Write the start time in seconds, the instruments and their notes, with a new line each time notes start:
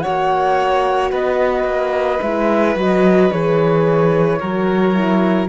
0.00 horn F#4, violin C#5, flute F#5
0.07 cello A#3
1.11 cello B3, violin B4, flute D#5
1.64 cello A#3
2.21 cello G#3, horn E4, flute E5
2.75 cello F#3, horn F#4, flute D#5
3.31 cello E3, horn G#4, flute C#5
4.39 cello F#3, horn F#4, violin A#4
4.94 horn E4